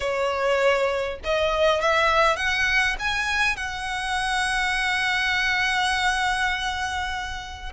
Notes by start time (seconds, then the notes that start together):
0.00 C#5
1.24 D#5
1.81 E5
2.36 F#5
2.99 G#5
3.56 F#5